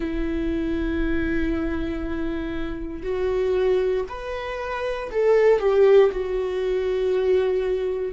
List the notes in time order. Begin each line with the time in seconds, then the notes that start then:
0.00 E4
3.02 F#4
4.09 B4
5.11 A4
5.59 G4
6.11 F#4